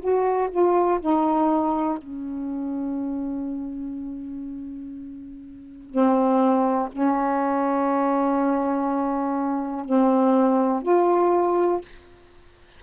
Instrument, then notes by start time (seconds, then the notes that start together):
saxophone
0.00 F#4
0.51 F4
1.01 D#4
1.99 C#4
5.91 C4
6.92 C#4
9.85 C4
10.82 F4